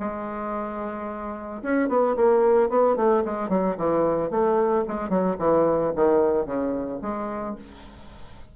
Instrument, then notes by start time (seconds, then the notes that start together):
bassoon
0.00 G#3
1.63 C#4
1.89 B3
2.16 A#3
2.70 B3
2.97 A3
3.25 G#3
3.49 F#3
3.78 E3
4.31 A3
4.88 G#3
5.09 F#3
5.39 E3
5.96 D#3
6.46 C#3
7.02 G#3